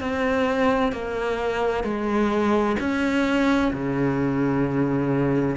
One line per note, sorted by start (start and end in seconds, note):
0.00 0.92 C4
0.92 1.83 A#3
1.83 2.76 G#3
2.79 3.72 C#4
3.73 5.56 C#3